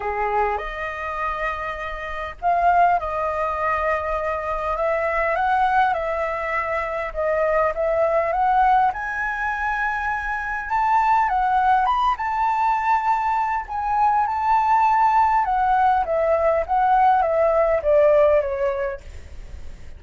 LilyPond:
\new Staff \with { instrumentName = "flute" } { \time 4/4 \tempo 4 = 101 gis'4 dis''2. | f''4 dis''2. | e''4 fis''4 e''2 | dis''4 e''4 fis''4 gis''4~ |
gis''2 a''4 fis''4 | b''8 a''2~ a''8 gis''4 | a''2 fis''4 e''4 | fis''4 e''4 d''4 cis''4 | }